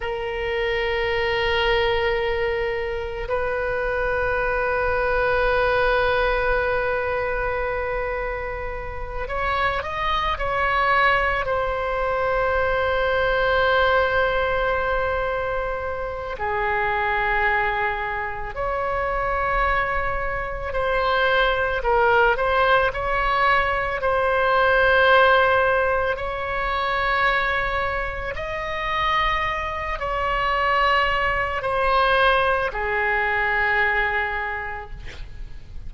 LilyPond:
\new Staff \with { instrumentName = "oboe" } { \time 4/4 \tempo 4 = 55 ais'2. b'4~ | b'1~ | b'8 cis''8 dis''8 cis''4 c''4.~ | c''2. gis'4~ |
gis'4 cis''2 c''4 | ais'8 c''8 cis''4 c''2 | cis''2 dis''4. cis''8~ | cis''4 c''4 gis'2 | }